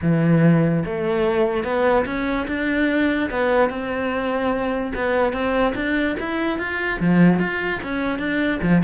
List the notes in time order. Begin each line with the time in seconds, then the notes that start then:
0.01 E3
0.85 A3
1.64 B3
2.05 C#4
2.47 D4
3.30 B3
3.69 C4
4.94 B3
5.32 C4
5.75 D4
6.19 E4
6.58 F4
7.00 F3
7.39 F4
7.83 C#4
8.18 D4
8.62 F3